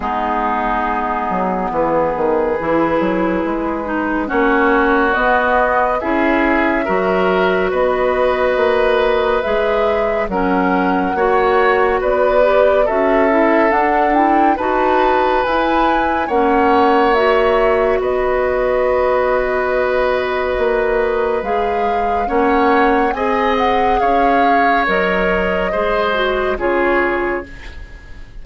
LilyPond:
<<
  \new Staff \with { instrumentName = "flute" } { \time 4/4 \tempo 4 = 70 gis'2 b'2~ | b'4 cis''4 dis''4 e''4~ | e''4 dis''2 e''4 | fis''2 d''4 e''4 |
fis''8 g''8 a''4 gis''4 fis''4 | e''4 dis''2.~ | dis''4 f''4 fis''4 gis''8 fis''8 | f''4 dis''2 cis''4 | }
  \new Staff \with { instrumentName = "oboe" } { \time 4/4 dis'2 gis'2~ | gis'4 fis'2 gis'4 | ais'4 b'2. | ais'4 cis''4 b'4 a'4~ |
a'4 b'2 cis''4~ | cis''4 b'2.~ | b'2 cis''4 dis''4 | cis''2 c''4 gis'4 | }
  \new Staff \with { instrumentName = "clarinet" } { \time 4/4 b2. e'4~ | e'8 dis'8 cis'4 b4 e'4 | fis'2. gis'4 | cis'4 fis'4. g'8 fis'8 e'8 |
d'8 e'8 fis'4 e'4 cis'4 | fis'1~ | fis'4 gis'4 cis'4 gis'4~ | gis'4 ais'4 gis'8 fis'8 f'4 | }
  \new Staff \with { instrumentName = "bassoon" } { \time 4/4 gis4. fis8 e8 dis8 e8 fis8 | gis4 ais4 b4 cis'4 | fis4 b4 ais4 gis4 | fis4 ais4 b4 cis'4 |
d'4 dis'4 e'4 ais4~ | ais4 b2. | ais4 gis4 ais4 c'4 | cis'4 fis4 gis4 cis4 | }
>>